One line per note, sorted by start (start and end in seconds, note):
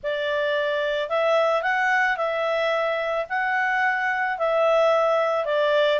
0.03 1.09 D5
1.09 1.62 E5
1.62 2.17 F#5
2.17 3.26 E5
3.29 4.38 F#5
4.38 5.45 E5
5.45 5.99 D5